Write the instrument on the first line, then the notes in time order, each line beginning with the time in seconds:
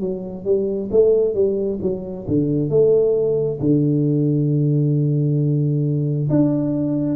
tuba
0.00 F#3
0.45 G3
0.92 A3
1.35 G3
1.82 F#3
2.28 D3
2.70 A3
3.60 D3
6.30 D4